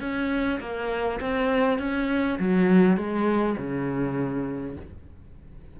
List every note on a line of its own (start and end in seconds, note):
0.00 0.59 C#4
0.60 1.20 A#3
1.21 1.79 C4
1.79 2.38 C#4
2.39 2.97 F#3
2.97 3.56 G#3
3.58 4.77 C#3